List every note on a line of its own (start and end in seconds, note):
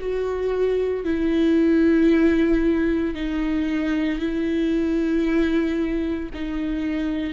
0.00 1.05 F#4
1.05 3.15 E4
3.15 4.20 D#4
4.20 6.30 E4
6.34 7.33 D#4